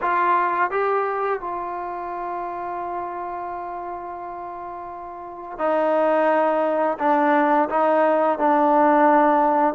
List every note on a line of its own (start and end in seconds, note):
0.01 0.70 F4
0.70 1.40 G4
1.40 5.58 F4
5.58 6.98 D#4
6.99 7.68 D4
7.69 8.38 D#4
8.38 9.74 D4